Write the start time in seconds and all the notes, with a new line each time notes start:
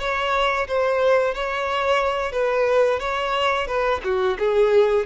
0.00 C#5
0.68 C5
1.35 C#5
2.32 B4
3.00 C#5
3.67 B4
4.04 F#4
4.39 G#4